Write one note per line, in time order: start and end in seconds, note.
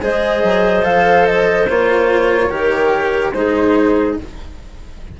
0.00 0.43 G#3
0.00 0.82 G#4
0.00 2.49 C5
0.00 0.84 D#5
0.43 0.84 F#3
0.82 1.67 F3
0.82 1.66 A4
0.82 1.26 F5
1.26 1.67 D#5
1.69 2.51 A#3
1.69 2.49 F4
1.69 3.33 C#5
2.49 3.34 D#3
2.49 3.33 G4
2.49 3.32 A#4
3.33 4.17 G#3
3.33 4.17 D#4
3.33 4.20 G#4
3.33 4.16 C5